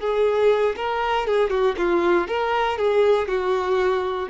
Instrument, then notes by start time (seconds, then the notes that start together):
violin
0.00 G#4
0.77 A#4
1.27 G#4
1.50 F#4
1.78 F4
2.28 A#4
2.78 G#4
3.28 F#4